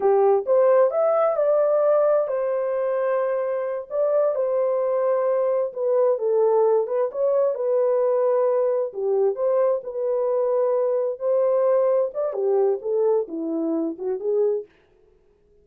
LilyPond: \new Staff \with { instrumentName = "horn" } { \time 4/4 \tempo 4 = 131 g'4 c''4 e''4 d''4~ | d''4 c''2.~ | c''8 d''4 c''2~ c''8~ | c''8 b'4 a'4. b'8 cis''8~ |
cis''8 b'2. g'8~ | g'8 c''4 b'2~ b'8~ | b'8 c''2 d''8 g'4 | a'4 e'4. fis'8 gis'4 | }